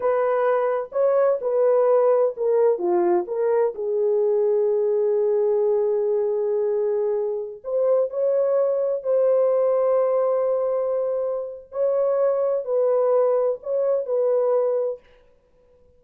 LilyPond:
\new Staff \with { instrumentName = "horn" } { \time 4/4 \tempo 4 = 128 b'2 cis''4 b'4~ | b'4 ais'4 f'4 ais'4 | gis'1~ | gis'1~ |
gis'16 c''4 cis''2 c''8.~ | c''1~ | c''4 cis''2 b'4~ | b'4 cis''4 b'2 | }